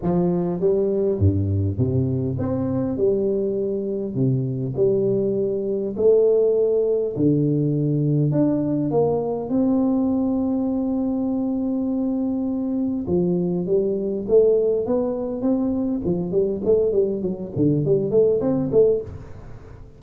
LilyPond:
\new Staff \with { instrumentName = "tuba" } { \time 4/4 \tempo 4 = 101 f4 g4 g,4 c4 | c'4 g2 c4 | g2 a2 | d2 d'4 ais4 |
c'1~ | c'2 f4 g4 | a4 b4 c'4 f8 g8 | a8 g8 fis8 d8 g8 a8 c'8 a8 | }